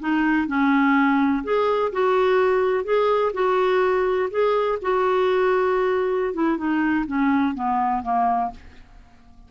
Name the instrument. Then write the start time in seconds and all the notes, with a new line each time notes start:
clarinet
0.00 D#4
0.48 C#4
1.44 G#4
1.92 F#4
2.85 G#4
3.34 F#4
4.31 G#4
4.82 F#4
6.34 E4
6.58 D#4
7.07 C#4
7.55 B3
8.03 A#3